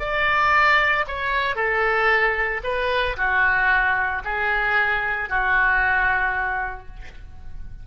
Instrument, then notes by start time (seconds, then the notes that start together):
oboe
0.00 D5
1.08 C#5
1.56 A4
2.64 B4
3.17 F#4
4.25 G#4
5.29 F#4